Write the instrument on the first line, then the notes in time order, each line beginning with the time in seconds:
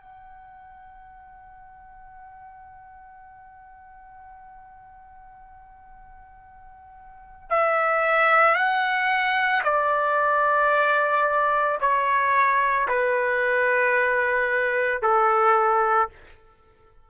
trumpet
0.00 F#5
7.50 E5
8.55 F#5
9.64 D5
11.80 C#5
12.88 B4
15.02 A4